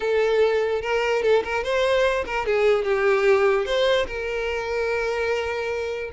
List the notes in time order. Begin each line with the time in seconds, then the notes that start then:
0.00 A4
0.81 A#4
1.22 A4
1.43 A#4
1.63 C5
2.25 A#4
2.46 G#4
2.84 G4
3.65 C5
4.06 A#4